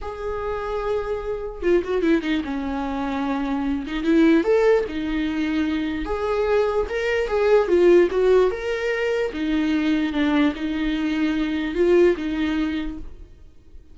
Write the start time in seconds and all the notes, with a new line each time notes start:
0.01 G#4
1.62 F4
1.84 F#4
2.02 E4
2.22 D#4
2.44 C#4
3.86 D#4
4.03 E4
4.43 A4
4.88 D#4
6.05 G#4
6.89 A#4
7.27 G#4
7.68 F4
8.10 F#4
8.50 A#4
9.33 D#4
10.12 D4
10.55 D#4
11.75 F4
12.16 D#4